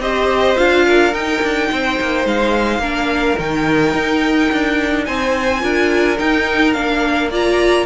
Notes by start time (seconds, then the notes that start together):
0.00 C4 G4 C5 D#5
0.56 D4 F4 F5
0.86 A#4
1.13 D#4 G5
1.42 D4
1.72 C4 C5
2.01 A#3
2.25 G#3 F5
2.79 A#3 D4 A#4
3.37 D#3 D#4 G5
3.94 D#4
4.52 D4
5.05 C4 C5 G#5
5.60 D4 F4 A#4
6.19 D#4 G5
6.73 A#3 D4 F5
7.30 F4 D5 A#5